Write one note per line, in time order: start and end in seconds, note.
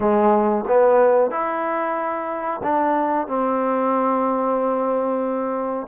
0.00 0.65 G#3
0.67 1.30 B3
1.30 2.61 E4
2.63 3.27 D4
3.27 5.87 C4